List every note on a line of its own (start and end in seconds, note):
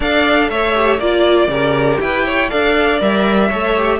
0.00 0.49 D4
0.00 0.74 A4
0.00 0.49 D5
0.00 0.49 F5
0.49 0.98 A3
0.49 1.00 C#5
0.49 0.99 E5
0.74 0.99 G4
0.98 1.47 A#3
0.98 1.49 F4
0.98 1.99 D5
0.98 1.50 D5
1.47 1.97 C#3
1.47 2.49 G4
1.47 2.01 A#4
2.00 2.50 E4
2.00 2.25 B4
2.00 2.50 G5
2.25 2.50 C#5
2.50 3.00 D4
2.50 2.99 A4
2.50 3.48 D5
2.50 3.00 F5
2.99 3.50 G3
2.99 3.49 A#4
2.99 3.99 E5
3.48 3.99 A3
3.48 3.76 A4
3.48 3.98 C#5
3.76 3.99 G4